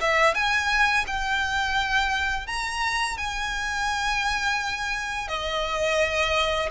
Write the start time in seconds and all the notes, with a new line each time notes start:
0.00 E5
0.34 G#5
1.07 G5
2.47 A#5
3.17 G#5
5.27 D#5